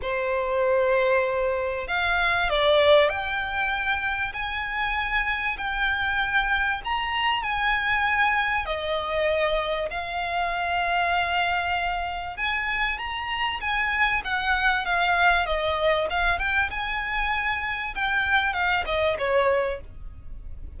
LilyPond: \new Staff \with { instrumentName = "violin" } { \time 4/4 \tempo 4 = 97 c''2. f''4 | d''4 g''2 gis''4~ | gis''4 g''2 ais''4 | gis''2 dis''2 |
f''1 | gis''4 ais''4 gis''4 fis''4 | f''4 dis''4 f''8 g''8 gis''4~ | gis''4 g''4 f''8 dis''8 cis''4 | }